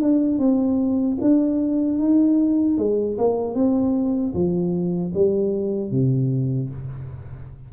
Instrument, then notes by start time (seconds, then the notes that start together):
tuba
0.00 D4
0.38 C4
1.21 D4
1.98 D#4
2.77 G#3
3.18 A#3
3.54 C4
4.33 F3
5.14 G3
5.91 C3